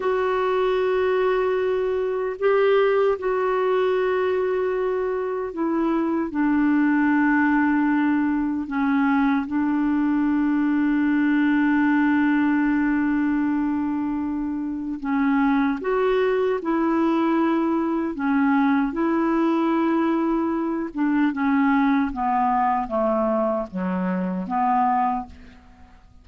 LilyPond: \new Staff \with { instrumentName = "clarinet" } { \time 4/4 \tempo 4 = 76 fis'2. g'4 | fis'2. e'4 | d'2. cis'4 | d'1~ |
d'2. cis'4 | fis'4 e'2 cis'4 | e'2~ e'8 d'8 cis'4 | b4 a4 fis4 b4 | }